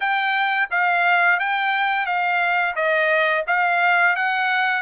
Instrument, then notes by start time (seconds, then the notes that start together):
trumpet
0.00 G5
0.71 F5
1.39 G5
2.06 F5
2.75 D#5
3.47 F5
4.16 F#5